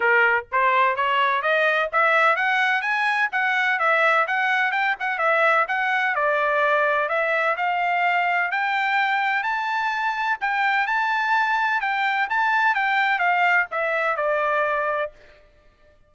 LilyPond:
\new Staff \with { instrumentName = "trumpet" } { \time 4/4 \tempo 4 = 127 ais'4 c''4 cis''4 dis''4 | e''4 fis''4 gis''4 fis''4 | e''4 fis''4 g''8 fis''8 e''4 | fis''4 d''2 e''4 |
f''2 g''2 | a''2 g''4 a''4~ | a''4 g''4 a''4 g''4 | f''4 e''4 d''2 | }